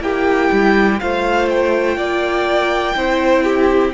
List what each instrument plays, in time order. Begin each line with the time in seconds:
0.00 cello A#3, viola E4, violin G4 G5
0.51 cello G3
0.99 cello A3, viola F4, violin C5 F5
1.49 violin G5
1.97 cello A#3, violin D5
2.95 cello C4, viola E4, violin C5
3.43 violin G4